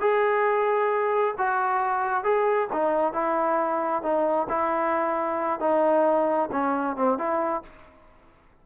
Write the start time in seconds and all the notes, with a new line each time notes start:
0.00 G#4
1.38 F#4
2.24 G#4
2.73 D#4
3.13 E4
4.03 D#4
4.49 E4
5.60 D#4
6.51 C#4
6.96 C4
7.18 E4